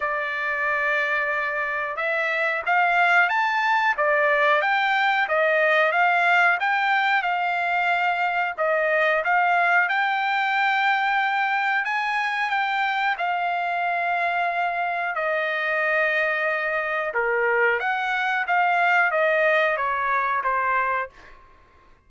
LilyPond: \new Staff \with { instrumentName = "trumpet" } { \time 4/4 \tempo 4 = 91 d''2. e''4 | f''4 a''4 d''4 g''4 | dis''4 f''4 g''4 f''4~ | f''4 dis''4 f''4 g''4~ |
g''2 gis''4 g''4 | f''2. dis''4~ | dis''2 ais'4 fis''4 | f''4 dis''4 cis''4 c''4 | }